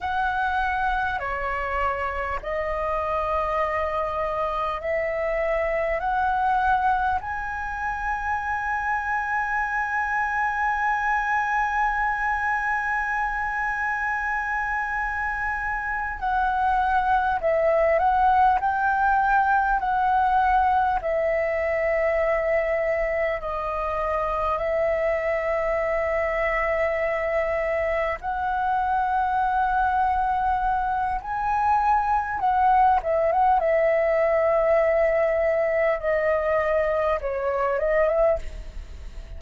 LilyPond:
\new Staff \with { instrumentName = "flute" } { \time 4/4 \tempo 4 = 50 fis''4 cis''4 dis''2 | e''4 fis''4 gis''2~ | gis''1~ | gis''4. fis''4 e''8 fis''8 g''8~ |
g''8 fis''4 e''2 dis''8~ | dis''8 e''2. fis''8~ | fis''2 gis''4 fis''8 e''16 fis''16 | e''2 dis''4 cis''8 dis''16 e''16 | }